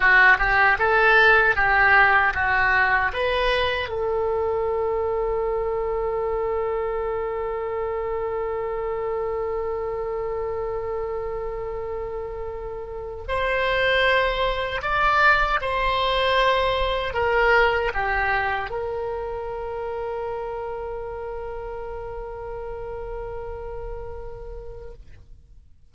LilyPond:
\new Staff \with { instrumentName = "oboe" } { \time 4/4 \tempo 4 = 77 fis'8 g'8 a'4 g'4 fis'4 | b'4 a'2.~ | a'1~ | a'1~ |
a'4 c''2 d''4 | c''2 ais'4 g'4 | ais'1~ | ais'1 | }